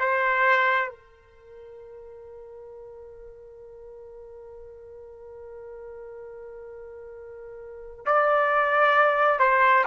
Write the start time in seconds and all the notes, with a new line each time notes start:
0.00 C5
0.90 A#4
8.06 D5
9.40 C5